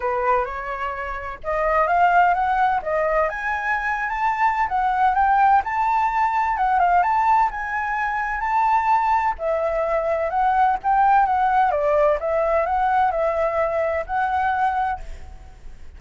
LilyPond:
\new Staff \with { instrumentName = "flute" } { \time 4/4 \tempo 4 = 128 b'4 cis''2 dis''4 | f''4 fis''4 dis''4 gis''4~ | gis''8. a''4~ a''16 fis''4 g''4 | a''2 fis''8 f''8 a''4 |
gis''2 a''2 | e''2 fis''4 g''4 | fis''4 d''4 e''4 fis''4 | e''2 fis''2 | }